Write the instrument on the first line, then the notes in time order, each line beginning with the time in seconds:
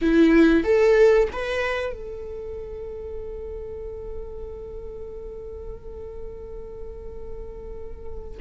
viola
0.01 E4
0.63 A4
1.32 B4
1.92 A4